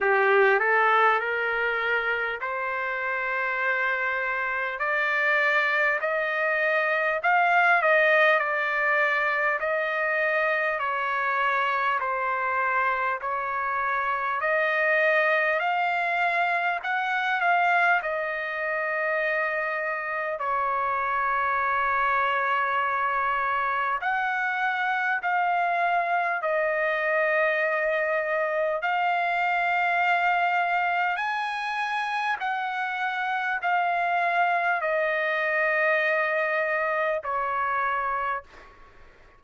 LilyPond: \new Staff \with { instrumentName = "trumpet" } { \time 4/4 \tempo 4 = 50 g'8 a'8 ais'4 c''2 | d''4 dis''4 f''8 dis''8 d''4 | dis''4 cis''4 c''4 cis''4 | dis''4 f''4 fis''8 f''8 dis''4~ |
dis''4 cis''2. | fis''4 f''4 dis''2 | f''2 gis''4 fis''4 | f''4 dis''2 cis''4 | }